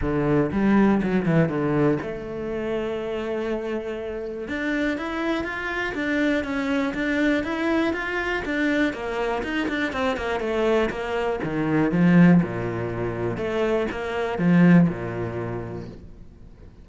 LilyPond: \new Staff \with { instrumentName = "cello" } { \time 4/4 \tempo 4 = 121 d4 g4 fis8 e8 d4 | a1~ | a4 d'4 e'4 f'4 | d'4 cis'4 d'4 e'4 |
f'4 d'4 ais4 dis'8 d'8 | c'8 ais8 a4 ais4 dis4 | f4 ais,2 a4 | ais4 f4 ais,2 | }